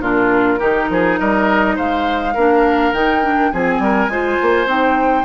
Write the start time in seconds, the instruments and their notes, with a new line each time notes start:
0.00 bassoon A#2, clarinet D4, oboe F4, flute A#4
0.59 bassoon D#3, clarinet D#4, oboe G4
0.90 bassoon F3, oboe G#4
1.19 bassoon G3, oboe A#4, flute D#5
1.76 bassoon G#3, oboe C5, flute F5
2.34 bassoon A#3, clarinet D4, oboe A#4
2.93 bassoon D#3, clarinet D#4, flute G5
3.23 clarinet D4
3.52 bassoon F3, clarinet C4, oboe G#4, flute G#5
3.79 bassoon G3, oboe A#4
4.08 bassoon G#3, clarinet F4, oboe C5
4.42 bassoon A#3
4.66 bassoon C4, clarinet D#4, flute G5